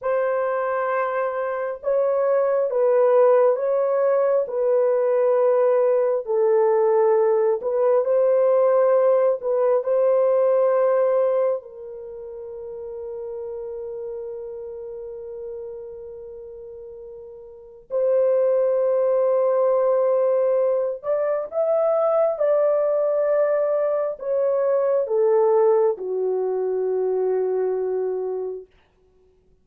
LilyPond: \new Staff \with { instrumentName = "horn" } { \time 4/4 \tempo 4 = 67 c''2 cis''4 b'4 | cis''4 b'2 a'4~ | a'8 b'8 c''4. b'8 c''4~ | c''4 ais'2.~ |
ais'1 | c''2.~ c''8 d''8 | e''4 d''2 cis''4 | a'4 fis'2. | }